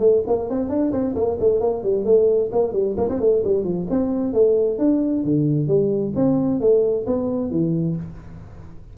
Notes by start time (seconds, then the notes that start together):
0.00 A3
0.27 A#3
0.50 C4
0.69 D4
0.92 C4
1.15 A#3
1.40 A3
1.61 A#3
1.83 G3
2.05 A3
2.52 A#3
2.73 G3
2.98 A#3
3.10 C4
3.20 A3
3.44 G3
3.64 F3
3.90 C4
4.34 A3
4.79 D4
5.24 D3
5.68 G3
6.16 C4
6.61 A3
7.07 B3
7.51 E3